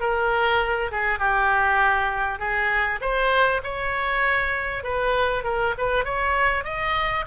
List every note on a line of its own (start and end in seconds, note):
0.00 0.91 A#4
0.91 1.19 G#4
1.19 2.39 G4
2.39 2.99 G#4
3.01 3.61 C5
3.63 4.83 C#5
4.83 5.44 B4
5.44 5.74 A#4
5.77 6.04 B4
6.04 6.64 C#5
6.64 7.25 D#5